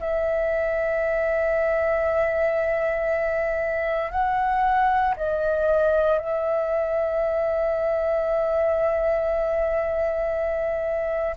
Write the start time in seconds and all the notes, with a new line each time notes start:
0.00 E5
4.11 F#5
5.17 D#5
6.19 E5